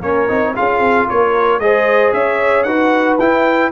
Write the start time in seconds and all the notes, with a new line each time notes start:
0.00 A#3 C#4 A#4 C#5
0.28 C4 D#4
0.56 C#4 F4 G#4 F5
0.80 C4
1.09 A#3 A#4 C#5
1.58 G#3 G#4 C5 D#5
2.13 C#4 C#5 E5
2.63 D#4 F#4 B4 F#5
3.19 E4 G5